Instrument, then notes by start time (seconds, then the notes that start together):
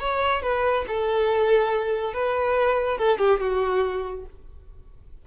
violin
0.00 C#5
0.43 B4
0.88 A4
2.14 B4
2.98 A4
3.19 G4
3.40 F#4